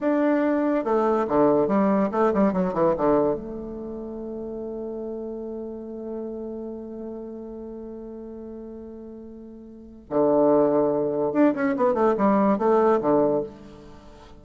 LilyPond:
\new Staff \with { instrumentName = "bassoon" } { \time 4/4 \tempo 4 = 143 d'2 a4 d4 | g4 a8 g8 fis8 e8 d4 | a1~ | a1~ |
a1~ | a1 | d2. d'8 cis'8 | b8 a8 g4 a4 d4 | }